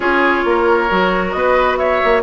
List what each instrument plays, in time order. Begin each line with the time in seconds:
0.00 bassoon C#4, clarinet F4, oboe G#4, flute C#5
0.45 bassoon A#3, oboe A#4
0.89 bassoon F#3, clarinet F#4
1.31 bassoon B3, oboe B4, flute D#5
1.77 oboe C#5, flute E5
2.04 bassoon A#3